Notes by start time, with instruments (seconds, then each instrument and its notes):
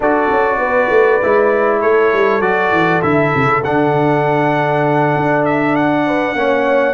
0.00 tuba D4, trombone F#4, horn A4, trumpet D5
0.31 tuba C#4
0.58 tuba B3, horn B4
0.90 tuba A3
1.21 tuba G#3, trombone E4
1.80 tuba A3, horn A4, trumpet C#5
2.13 tuba G3
2.41 tuba F#3, trombone F#4, trumpet D5
2.71 tuba E3
3.02 tuba D3, trombone E4, trumpet E5
3.34 tuba C#3
3.63 tuba D3, trombone D4, trumpet F#5
5.16 tuba D4
5.45 trumpet E5
5.75 trumpet F#5
6.06 horn B4
6.34 tuba A#3, trombone C#4, horn C#5